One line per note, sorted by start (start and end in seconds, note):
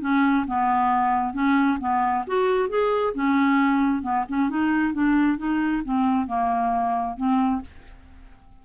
0.00 0.45 C#4
0.47 1.33 B3
1.33 1.78 C#4
1.80 2.24 B3
2.27 2.69 F#4
2.69 3.13 G#4
3.14 4.02 C#4
4.02 4.24 B3
4.28 4.49 C#4
4.49 4.93 D#4
4.93 5.38 D4
5.38 5.82 D#4
5.84 6.26 C4
6.26 7.16 A#3
7.16 7.61 C4